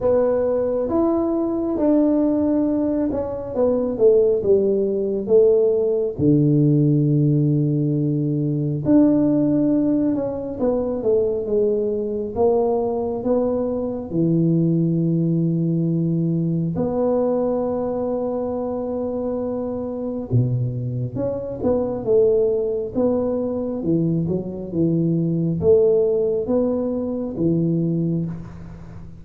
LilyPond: \new Staff \with { instrumentName = "tuba" } { \time 4/4 \tempo 4 = 68 b4 e'4 d'4. cis'8 | b8 a8 g4 a4 d4~ | d2 d'4. cis'8 | b8 a8 gis4 ais4 b4 |
e2. b4~ | b2. b,4 | cis'8 b8 a4 b4 e8 fis8 | e4 a4 b4 e4 | }